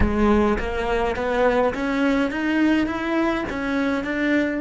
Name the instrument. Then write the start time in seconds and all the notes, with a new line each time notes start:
cello
0.00 G#3
0.58 A#3
1.16 B3
1.74 C#4
2.31 D#4
2.86 E4
3.49 C#4
4.04 D4